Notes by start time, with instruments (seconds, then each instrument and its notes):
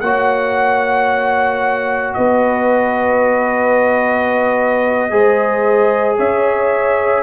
0.00 tuba A#3, trombone F#4, horn C#5, trumpet F#5
2.14 tuba B3, horn B4, trumpet D#5
5.10 tuba G#3, trombone G#4, horn C5
6.18 tuba C#4, horn C#5, trumpet E5